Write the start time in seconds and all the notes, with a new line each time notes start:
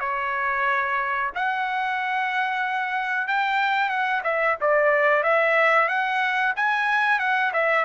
0.00 C#5
1.35 F#5
3.28 G5
3.89 F#5
4.24 E5
4.61 D5
5.23 E5
5.88 F#5
6.56 G#5
7.19 F#5
7.53 E5